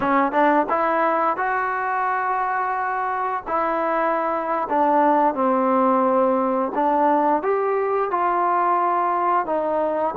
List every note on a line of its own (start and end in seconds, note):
0.00 0.32 C#4
0.32 0.66 D4
0.69 1.36 E4
1.36 3.43 F#4
3.47 4.67 E4
4.69 5.34 D4
5.34 6.72 C4
6.74 7.42 D4
7.42 8.10 G4
8.10 9.45 F4
9.45 10.14 D#4